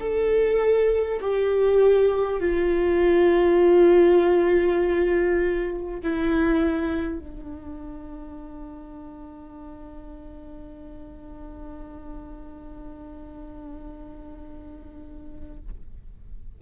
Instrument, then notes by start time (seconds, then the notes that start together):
viola
0.00 A4
1.21 G4
2.40 F4
6.03 E4
7.19 D4